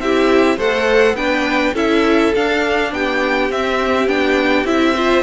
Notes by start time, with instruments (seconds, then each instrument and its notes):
0.00 cello C4, viola E4, violin G4 E5
0.57 cello A3, viola A4, violin C5 F#5
1.13 cello B3, viola D4, violin B4 G5
1.74 cello C#4, viola E4, violin A4 E5
2.35 viola D4, cello D4, violin F5
2.92 cello B3, violin G4 G5
3.50 cello C4, viola C4, violin E5
4.08 cello B3, viola D4, violin G5
4.64 cello C4, viola E4, violin E5
4.95 viola F4, violin C5